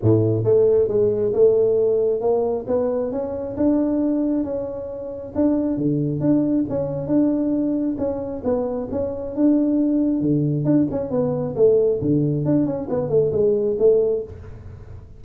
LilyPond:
\new Staff \with { instrumentName = "tuba" } { \time 4/4 \tempo 4 = 135 a,4 a4 gis4 a4~ | a4 ais4 b4 cis'4 | d'2 cis'2 | d'4 d4 d'4 cis'4 |
d'2 cis'4 b4 | cis'4 d'2 d4 | d'8 cis'8 b4 a4 d4 | d'8 cis'8 b8 a8 gis4 a4 | }